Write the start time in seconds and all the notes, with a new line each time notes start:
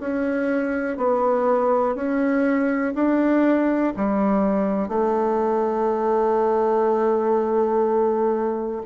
0.00 C#4
0.97 B3
1.95 C#4
2.95 D4
3.97 G3
4.89 A3